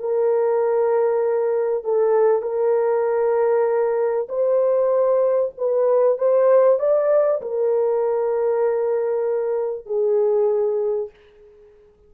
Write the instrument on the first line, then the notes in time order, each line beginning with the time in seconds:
horn
0.00 A#4
1.84 A4
2.43 A#4
4.29 C5
5.58 B4
6.19 C5
6.80 D5
7.42 A#4
9.87 G#4